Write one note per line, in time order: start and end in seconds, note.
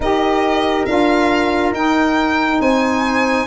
0.00 0.86 D#4
0.00 0.87 G4
0.00 2.60 A#4
0.00 0.85 D#5
0.85 1.72 D4
0.85 1.74 F4
0.85 1.72 F5
1.72 2.59 D#4
1.72 3.47 D#4
1.72 2.61 G5
2.60 3.47 C4
2.60 3.47 C5
2.60 3.47 G#5